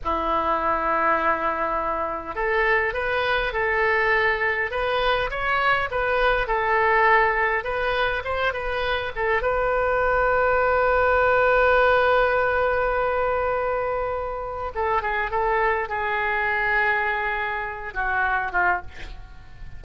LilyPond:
\new Staff \with { instrumentName = "oboe" } { \time 4/4 \tempo 4 = 102 e'1 | a'4 b'4 a'2 | b'4 cis''4 b'4 a'4~ | a'4 b'4 c''8 b'4 a'8 |
b'1~ | b'1~ | b'4 a'8 gis'8 a'4 gis'4~ | gis'2~ gis'8 fis'4 f'8 | }